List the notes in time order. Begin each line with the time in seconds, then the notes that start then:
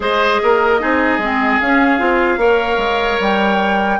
0.00 G#3 G#4 C5 D#5
0.42 A#3 A#4
0.79 C4 D#4 G#4
1.18 G#3 C4
1.60 C#4 F5
1.99 C4 F4
2.37 A#3 A#4 C#5
2.77 G#3
3.19 G3 G5